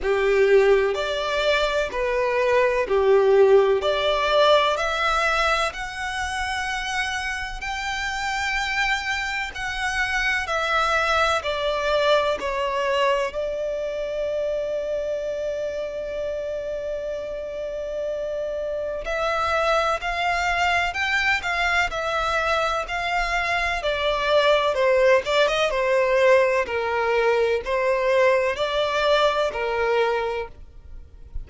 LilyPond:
\new Staff \with { instrumentName = "violin" } { \time 4/4 \tempo 4 = 63 g'4 d''4 b'4 g'4 | d''4 e''4 fis''2 | g''2 fis''4 e''4 | d''4 cis''4 d''2~ |
d''1 | e''4 f''4 g''8 f''8 e''4 | f''4 d''4 c''8 d''16 dis''16 c''4 | ais'4 c''4 d''4 ais'4 | }